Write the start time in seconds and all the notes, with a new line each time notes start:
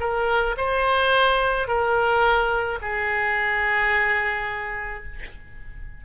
0.00 A#4
0.58 C5
1.68 A#4
2.82 G#4